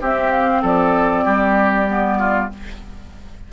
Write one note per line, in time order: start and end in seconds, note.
0.00 1.87 C4
0.00 0.63 C4
0.00 0.62 G4
0.00 0.31 E5
0.31 0.62 F5
0.62 1.25 F3
0.62 1.24 A4
0.62 2.52 D5
1.24 2.50 G3
1.24 2.18 G4
1.87 2.49 B3
2.18 2.49 F4